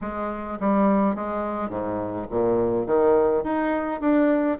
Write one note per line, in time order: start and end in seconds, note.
0.01 0.58 G#3
0.60 1.15 G3
1.15 1.69 G#3
1.69 2.26 G#2
2.29 2.86 A#2
2.86 3.43 D#3
3.43 4.00 D#4
4.01 4.58 D4